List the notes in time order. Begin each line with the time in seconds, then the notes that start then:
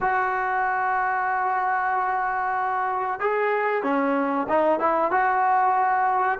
0.01 F#4
3.19 G#4
3.83 C#4
4.49 D#4
4.79 E4
5.11 F#4